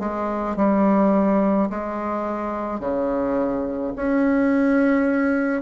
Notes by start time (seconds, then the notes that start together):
0.00 G#3
0.57 G3
1.70 G#3
2.80 C#3
3.96 C#4